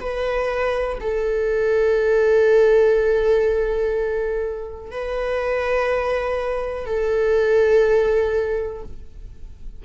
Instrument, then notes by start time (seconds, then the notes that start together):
viola
0.00 B4
1.00 A4
4.90 B4
6.85 A4